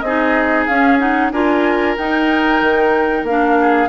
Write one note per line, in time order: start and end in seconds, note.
0.00 0.66 C4
0.00 1.33 G#4
0.00 0.65 D#5
0.06 0.70 D#4
0.66 1.32 C#4
0.66 0.99 C#4
0.66 0.99 F5
0.99 1.32 D#4
0.99 1.31 F#5
1.31 1.96 D4
1.31 1.97 F4
1.31 3.58 A#4
1.31 1.96 G#5
1.97 2.61 D#4
1.97 3.28 D#4
1.97 3.26 G5
2.61 3.23 D#3
3.23 3.87 A#3
3.23 3.89 D4
3.23 3.89 F5
3.60 3.89 G#4